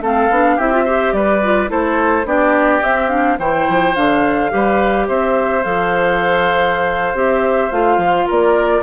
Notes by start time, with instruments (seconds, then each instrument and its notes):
0.00 bassoon A3, clarinet C4, oboe A4, flute F5
0.29 bassoon B3, clarinet D4
0.56 bassoon C4, clarinet E4, oboe G4, flute E5
0.72 clarinet F4
0.84 clarinet G4, oboe C5
1.12 bassoon G3, oboe B4, flute D5
1.42 clarinet F4
1.67 bassoon A3, clarinet E4, oboe A4, flute C5
2.24 bassoon B3, clarinet D4, oboe G4, flute D5
2.82 clarinet C4, bassoon C4, flute E5
3.09 clarinet D4, flute F5
3.38 bassoon E3, clarinet E4, oboe C5, flute G5
3.68 bassoon F3
3.94 bassoon D3, clarinet D4, flute F5
4.50 bassoon G3, clarinet G4, oboe B4
5.07 bassoon C4, oboe C5, flute E5
5.63 bassoon F3, clarinet A4, flute F5
7.14 bassoon C4, clarinet G4, flute E5
7.71 bassoon A3, clarinet F4, flute F5
7.97 bassoon F3
8.26 bassoon A#3, oboe A#4, flute D5